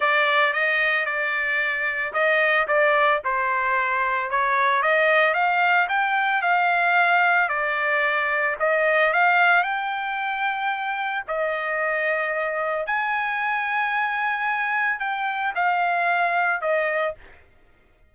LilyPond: \new Staff \with { instrumentName = "trumpet" } { \time 4/4 \tempo 4 = 112 d''4 dis''4 d''2 | dis''4 d''4 c''2 | cis''4 dis''4 f''4 g''4 | f''2 d''2 |
dis''4 f''4 g''2~ | g''4 dis''2. | gis''1 | g''4 f''2 dis''4 | }